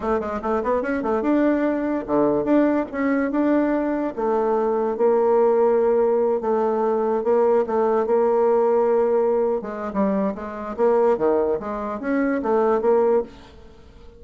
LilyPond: \new Staff \with { instrumentName = "bassoon" } { \time 4/4 \tempo 4 = 145 a8 gis8 a8 b8 cis'8 a8 d'4~ | d'4 d4 d'4 cis'4 | d'2 a2 | ais2.~ ais8 a8~ |
a4. ais4 a4 ais8~ | ais2.~ ais16 gis8. | g4 gis4 ais4 dis4 | gis4 cis'4 a4 ais4 | }